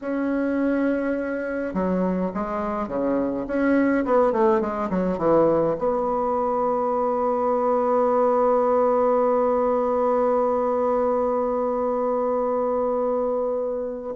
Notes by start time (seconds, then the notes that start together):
0.01 C#4
1.73 F#3
2.34 G#3
2.88 C#3
3.47 C#4
4.05 B3
4.32 A3
4.60 G#3
4.90 F#3
5.18 E3
5.78 B3